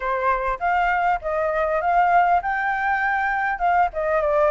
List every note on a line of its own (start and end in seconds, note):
0.00 0.58 C5
0.59 1.19 F5
1.21 1.81 D#5
1.81 2.41 F5
2.42 3.58 G5
3.58 3.88 F5
3.93 4.21 D#5
4.21 4.51 D5